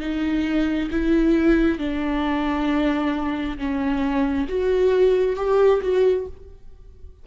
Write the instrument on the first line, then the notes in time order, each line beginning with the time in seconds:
viola
0.00 D#4
0.91 E4
1.78 D4
3.58 C#4
4.49 F#4
5.36 G4
5.81 F#4